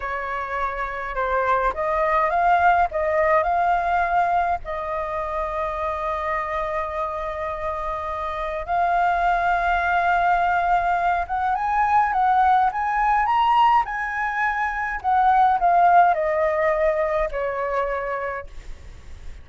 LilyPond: \new Staff \with { instrumentName = "flute" } { \time 4/4 \tempo 4 = 104 cis''2 c''4 dis''4 | f''4 dis''4 f''2 | dis''1~ | dis''2. f''4~ |
f''2.~ f''8 fis''8 | gis''4 fis''4 gis''4 ais''4 | gis''2 fis''4 f''4 | dis''2 cis''2 | }